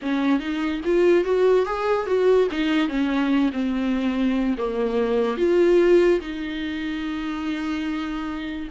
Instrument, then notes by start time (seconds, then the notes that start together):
viola
0.02 C#4
0.39 D#4
0.84 F4
1.24 F#4
1.65 G#4
2.06 F#4
2.51 D#4
2.88 C#4
3.52 C4
4.57 A#3
5.37 F4
6.20 D#4